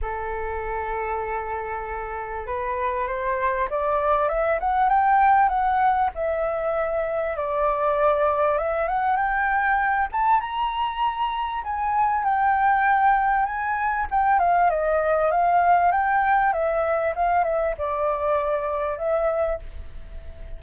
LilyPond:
\new Staff \with { instrumentName = "flute" } { \time 4/4 \tempo 4 = 98 a'1 | b'4 c''4 d''4 e''8 fis''8 | g''4 fis''4 e''2 | d''2 e''8 fis''8 g''4~ |
g''8 a''8 ais''2 gis''4 | g''2 gis''4 g''8 f''8 | dis''4 f''4 g''4 e''4 | f''8 e''8 d''2 e''4 | }